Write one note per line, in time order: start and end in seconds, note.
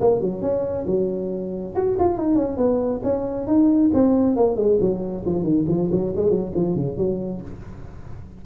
0.00 0.20 A#3
0.20 0.42 F#3
0.42 0.85 C#4
0.87 1.74 F#3
1.75 1.97 F#4
1.99 2.17 F4
2.17 2.35 D#4
2.35 2.57 C#4
2.57 3.00 B3
3.03 3.47 C#4
3.47 3.91 D#4
3.94 4.36 C4
4.36 4.56 A#3
4.56 4.78 G#3
4.81 5.24 F#3
5.26 5.43 F3
5.43 5.65 D#3
5.68 5.90 F3
5.91 6.13 F#3
6.16 6.30 G#3
6.30 6.52 F#3
6.55 6.76 F3
6.76 6.97 C#3
6.97 7.41 F#3